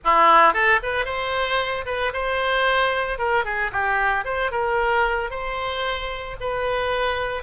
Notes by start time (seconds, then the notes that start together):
0.04 E4
0.53 A4
0.82 B4
1.05 C5
1.85 B4
2.13 C5
3.18 A#4
3.44 G#4
3.72 G4
4.24 C5
4.51 A#4
5.30 C5
6.40 B4